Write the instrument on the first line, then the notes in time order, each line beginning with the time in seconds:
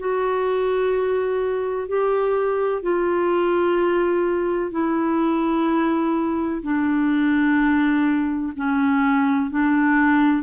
clarinet
0.00 F#4
1.88 G4
2.83 F4
4.72 E4
6.63 D4
8.56 C#4
9.51 D4